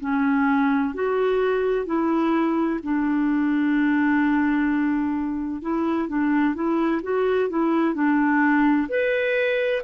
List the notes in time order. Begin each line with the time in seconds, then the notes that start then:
0.00 C#4
0.94 F#4
1.86 E4
2.83 D4
5.62 E4
6.08 D4
6.55 E4
7.03 F#4
7.49 E4
7.94 D4
8.88 B4